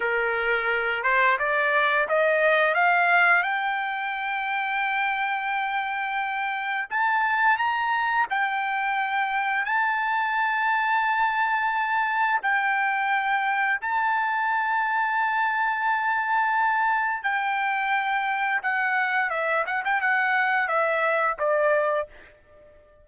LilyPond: \new Staff \with { instrumentName = "trumpet" } { \time 4/4 \tempo 4 = 87 ais'4. c''8 d''4 dis''4 | f''4 g''2.~ | g''2 a''4 ais''4 | g''2 a''2~ |
a''2 g''2 | a''1~ | a''4 g''2 fis''4 | e''8 fis''16 g''16 fis''4 e''4 d''4 | }